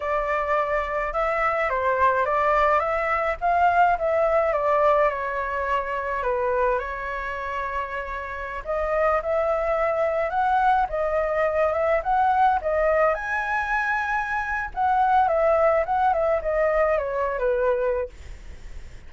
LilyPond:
\new Staff \with { instrumentName = "flute" } { \time 4/4 \tempo 4 = 106 d''2 e''4 c''4 | d''4 e''4 f''4 e''4 | d''4 cis''2 b'4 | cis''2.~ cis''16 dis''8.~ |
dis''16 e''2 fis''4 dis''8.~ | dis''8. e''8 fis''4 dis''4 gis''8.~ | gis''2 fis''4 e''4 | fis''8 e''8 dis''4 cis''8. b'4~ b'16 | }